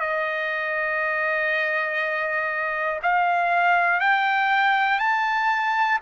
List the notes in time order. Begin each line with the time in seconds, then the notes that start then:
0.00 D#5
3.02 F5
4.00 G5
4.99 A5